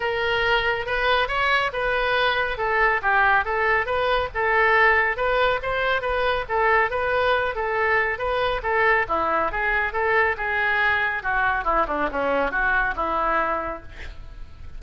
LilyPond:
\new Staff \with { instrumentName = "oboe" } { \time 4/4 \tempo 4 = 139 ais'2 b'4 cis''4 | b'2 a'4 g'4 | a'4 b'4 a'2 | b'4 c''4 b'4 a'4 |
b'4. a'4. b'4 | a'4 e'4 gis'4 a'4 | gis'2 fis'4 e'8 d'8 | cis'4 fis'4 e'2 | }